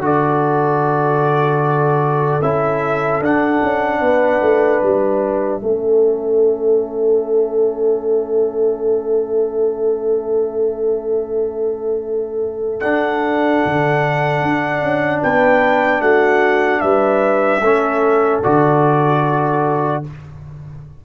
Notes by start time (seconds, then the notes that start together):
0.00 D3 F#4 A4 D5
2.42 C#4 E4 E5
3.21 D4 F#5
3.63 C#4
4.01 B3 B4
4.41 A3
4.83 G3 E5
5.61 A3 C#4 A4
12.80 D4 F#5
13.66 D3
14.42 D4
14.82 C#4
15.22 B3 B4 G5
16.01 A3 F#4 F#5
16.80 G3 B4 E5
17.61 A3 C#4 A4
18.44 D3 F#4 D5